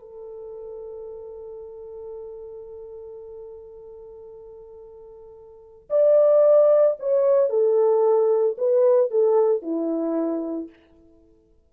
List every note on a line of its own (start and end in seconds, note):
0.00 5.89 A4
5.90 6.97 D5
7.00 7.50 C#5
7.50 8.57 A4
8.58 9.11 B4
9.11 9.63 A4
9.63 10.70 E4